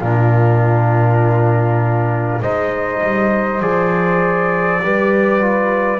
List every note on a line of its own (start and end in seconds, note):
0.00 2.41 A#2
0.00 2.41 D4
0.00 2.40 F4
0.00 2.42 A#4
2.41 3.02 G#3
2.41 3.61 D#4
2.41 4.82 C5
2.41 3.61 D#5
3.02 3.60 G3
3.60 4.79 F3
3.60 4.81 G#4
3.60 5.99 D5
4.81 5.99 G3
4.81 5.41 G4
4.81 5.99 B4
5.41 5.99 F4